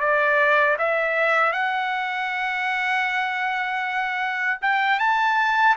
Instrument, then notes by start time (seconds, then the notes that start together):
trumpet
0.00 D5
0.78 E5
1.52 F#5
4.62 G5
4.99 A5